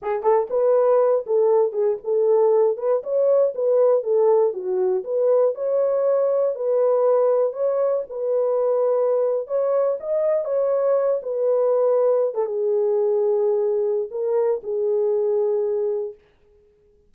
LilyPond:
\new Staff \with { instrumentName = "horn" } { \time 4/4 \tempo 4 = 119 gis'8 a'8 b'4. a'4 gis'8 | a'4. b'8 cis''4 b'4 | a'4 fis'4 b'4 cis''4~ | cis''4 b'2 cis''4 |
b'2~ b'8. cis''4 dis''16~ | dis''8. cis''4. b'4.~ b'16~ | b'8 a'16 gis'2.~ gis'16 | ais'4 gis'2. | }